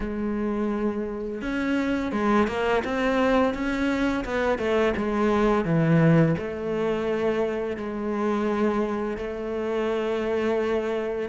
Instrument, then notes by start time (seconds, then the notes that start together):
cello
0.00 G#3
1.41 C#4
2.12 G#3
2.47 A#3
2.84 C4
3.54 C#4
4.24 B3
4.58 A3
4.96 G#3
5.64 E3
6.38 A3
7.76 G#3
9.17 A3